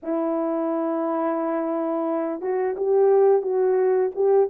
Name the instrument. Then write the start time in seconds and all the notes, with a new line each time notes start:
horn
0.02 E4
2.41 F#4
2.76 G4
3.41 F#4
4.14 G4